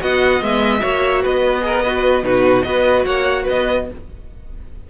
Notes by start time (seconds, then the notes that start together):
0.00 B3 F#4 D#5 F#5
0.41 G#3 B3 E5
0.80 A#3 F#4 C#5
1.22 B3 B4 D#5
1.62 G#4 A#4
1.83 F#4 B4
2.23 B2 D#4 F#4 B4
2.62 B3 F#4 B4 D#5
3.05 A#3 C#5 F#5
3.43 B4 D#5
3.50 B3